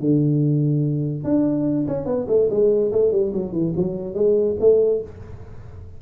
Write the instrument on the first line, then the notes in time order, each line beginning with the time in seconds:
tuba
0.00 D3
1.24 D4
1.88 C#4
2.06 B3
2.28 A3
2.50 G#3
2.92 A3
3.12 G3
3.33 F#3
3.52 E3
3.77 F#3
4.15 G#3
4.60 A3